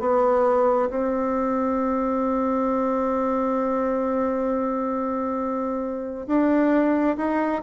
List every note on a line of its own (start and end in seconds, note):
0.00 0.90 B3
0.90 6.27 C4
6.27 7.17 D4
7.17 7.62 D#4